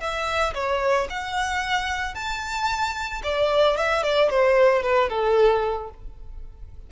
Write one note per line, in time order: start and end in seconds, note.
0.00 0.54 E5
0.54 1.08 C#5
1.10 2.15 F#5
2.15 3.22 A5
3.23 3.77 D5
3.77 4.03 E5
4.03 4.30 D5
4.30 4.82 C5
4.82 5.09 B4
5.09 5.90 A4